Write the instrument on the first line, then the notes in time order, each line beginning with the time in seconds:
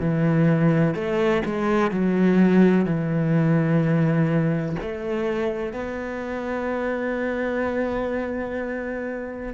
cello
0.00 E3
0.95 A3
1.46 G#3
1.91 F#3
2.86 E3
4.82 A3
5.73 B3